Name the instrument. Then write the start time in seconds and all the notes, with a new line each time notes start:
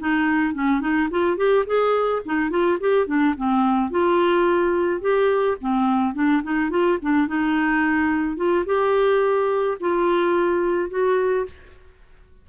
clarinet
0.00 D#4
0.55 C#4
0.81 D#4
1.11 F4
1.37 G4
1.66 G#4
2.26 D#4
2.51 F4
2.80 G4
3.07 D4
3.37 C4
3.91 F4
5.01 G4
5.61 C4
6.15 D4
6.43 D#4
6.71 F4
7.02 D4
7.27 D#4
8.37 F4
8.66 G4
9.81 F4
10.90 F#4